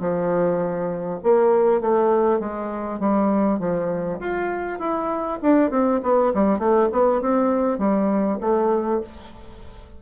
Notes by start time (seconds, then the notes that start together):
0.00 F3
1.23 A#3
1.81 A3
2.40 G#3
3.00 G3
3.59 F3
4.20 F4
4.79 E4
5.42 D4
5.71 C4
6.03 B3
6.34 G3
6.59 A3
6.92 B3
7.22 C4
7.79 G3
8.41 A3